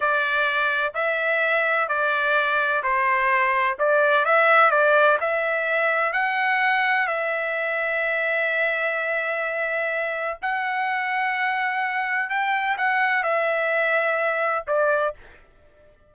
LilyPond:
\new Staff \with { instrumentName = "trumpet" } { \time 4/4 \tempo 4 = 127 d''2 e''2 | d''2 c''2 | d''4 e''4 d''4 e''4~ | e''4 fis''2 e''4~ |
e''1~ | e''2 fis''2~ | fis''2 g''4 fis''4 | e''2. d''4 | }